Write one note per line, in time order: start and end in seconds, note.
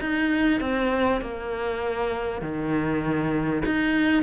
0.00 0.60 D#4
0.60 1.21 C4
1.21 2.41 A#3
2.41 3.62 D#3
3.66 4.23 D#4